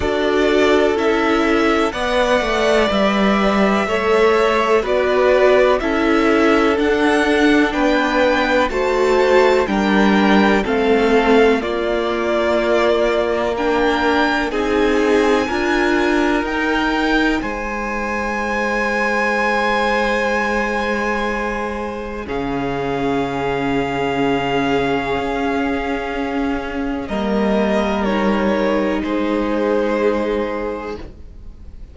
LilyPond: <<
  \new Staff \with { instrumentName = "violin" } { \time 4/4 \tempo 4 = 62 d''4 e''4 fis''4 e''4~ | e''4 d''4 e''4 fis''4 | g''4 a''4 g''4 f''4 | d''2 g''4 gis''4~ |
gis''4 g''4 gis''2~ | gis''2. f''4~ | f''1 | dis''4 cis''4 c''2 | }
  \new Staff \with { instrumentName = "violin" } { \time 4/4 a'2 d''2 | cis''4 b'4 a'2 | b'4 c''4 ais'4 a'4 | f'2 ais'4 gis'4 |
ais'2 c''2~ | c''2. gis'4~ | gis'1 | ais'2 gis'2 | }
  \new Staff \with { instrumentName = "viola" } { \time 4/4 fis'4 e'4 b'2 | a'4 fis'4 e'4 d'4~ | d'4 fis'4 d'4 c'4 | ais2 d'4 dis'4 |
f'4 dis'2.~ | dis'2. cis'4~ | cis'1 | ais4 dis'2. | }
  \new Staff \with { instrumentName = "cello" } { \time 4/4 d'4 cis'4 b8 a8 g4 | a4 b4 cis'4 d'4 | b4 a4 g4 a4 | ais2. c'4 |
d'4 dis'4 gis2~ | gis2. cis4~ | cis2 cis'2 | g2 gis2 | }
>>